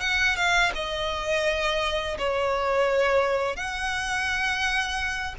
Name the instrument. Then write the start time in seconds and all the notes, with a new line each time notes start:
violin
0.00 F#5
0.36 F5
0.74 D#5
2.18 C#5
3.56 F#5